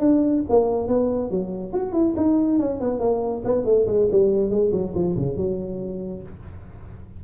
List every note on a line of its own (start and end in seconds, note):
0.00 0.43 D4
0.50 0.88 A#3
0.88 1.31 B3
1.31 1.73 F#3
1.73 1.93 F#4
1.93 2.14 E4
2.17 2.59 D#4
2.59 2.81 C#4
2.81 3.00 B3
3.00 3.42 A#3
3.45 3.65 B3
3.65 3.87 A3
3.87 4.09 G#3
4.12 4.50 G3
4.50 4.72 G#3
4.73 4.94 F#3
4.95 5.16 F3
5.17 5.37 C#3
5.37 6.23 F#3